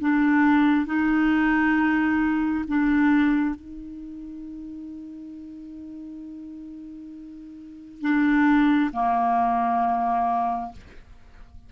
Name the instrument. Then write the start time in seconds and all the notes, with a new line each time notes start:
clarinet
0.00 D4
0.85 D#4
2.67 D4
3.55 D#4
8.01 D4
8.93 A#3